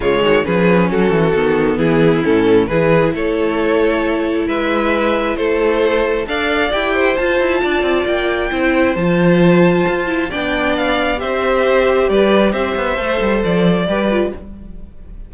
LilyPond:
<<
  \new Staff \with { instrumentName = "violin" } { \time 4/4 \tempo 4 = 134 cis''4 b'4 a'2 | gis'4 a'4 b'4 cis''4~ | cis''2 e''2 | c''2 f''4 g''4 |
a''2 g''2 | a''2. g''4 | f''4 e''2 d''4 | e''2 d''2 | }
  \new Staff \with { instrumentName = "violin" } { \time 4/4 f'8 fis'8 gis'4 fis'2 | e'2 gis'4 a'4~ | a'2 b'2 | a'2 d''4. c''8~ |
c''4 d''2 c''4~ | c''2. d''4~ | d''4 c''2 b'4 | c''2. b'4 | }
  \new Staff \with { instrumentName = "viola" } { \time 4/4 gis4 cis'2 b4~ | b4 cis'4 e'2~ | e'1~ | e'2 a'4 g'4 |
f'2. e'4 | f'2~ f'8 e'8 d'4~ | d'4 g'2.~ | g'4 a'2 g'8 f'8 | }
  \new Staff \with { instrumentName = "cello" } { \time 4/4 cis8 dis8 f4 fis8 e8 dis4 | e4 a,4 e4 a4~ | a2 gis2 | a2 d'4 e'4 |
f'8 e'8 d'8 c'8 ais4 c'4 | f2 f'4 b4~ | b4 c'2 g4 | c'8 b8 a8 g8 f4 g4 | }
>>